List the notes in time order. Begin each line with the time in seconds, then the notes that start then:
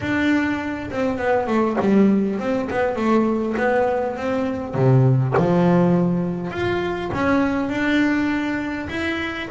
0.00 D4
0.91 C4
1.17 B3
1.47 A3
1.80 G3
2.39 C4
2.69 B3
2.95 A3
3.57 B3
4.16 C4
4.74 C3
5.37 F3
6.50 F4
7.13 C#4
7.69 D4
8.89 E4